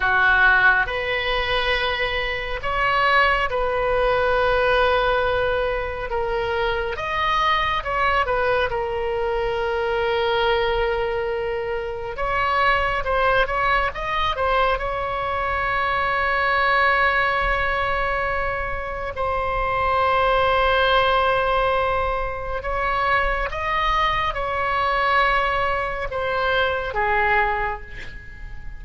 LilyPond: \new Staff \with { instrumentName = "oboe" } { \time 4/4 \tempo 4 = 69 fis'4 b'2 cis''4 | b'2. ais'4 | dis''4 cis''8 b'8 ais'2~ | ais'2 cis''4 c''8 cis''8 |
dis''8 c''8 cis''2.~ | cis''2 c''2~ | c''2 cis''4 dis''4 | cis''2 c''4 gis'4 | }